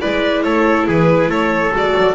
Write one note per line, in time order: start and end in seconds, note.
0.00 0.44 G#3
0.00 1.71 E4
0.00 0.43 B4
0.00 0.42 D5
0.42 0.87 A3
0.42 0.87 A4
0.42 0.85 C#5
0.87 1.27 E3
0.87 1.29 G#4
0.87 1.31 B4
1.27 1.70 A3
1.27 2.15 A4
1.27 1.74 C#5
1.71 1.94 G#3
1.71 2.14 F#4
1.71 2.15 D5
1.96 2.15 F#3